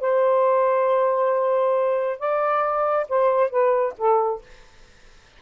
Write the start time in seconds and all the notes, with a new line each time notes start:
0.00 C5
2.19 D5
3.09 C5
3.50 B4
3.98 A4